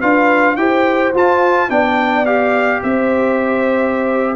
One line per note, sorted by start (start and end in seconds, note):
0.00 0.56 D4
0.00 0.57 F4
0.00 0.56 B4
0.00 0.56 F5
0.56 1.12 E4
0.56 1.14 G4
0.56 1.69 C5
0.56 1.12 G5
1.14 1.69 F4
1.14 1.70 A5
1.69 2.81 B3
1.69 2.25 D4
1.69 2.81 D5
1.69 2.25 G5
2.25 4.35 G4
2.25 2.82 F5
2.83 4.35 C4
2.83 4.35 C5
2.83 4.35 E5